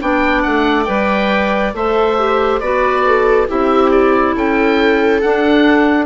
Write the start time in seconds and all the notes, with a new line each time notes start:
0.00 B3 D4 D5 G5
0.42 A3 F#5
0.84 G3 B4 G5
1.74 A3 A4 C5 E5
2.18 G4
2.60 B3 F#4 B4 D5
3.06 A4
3.47 C4 E4 G4 E5
3.91 D5
4.35 C#4 A4 G5
5.22 D4 F#5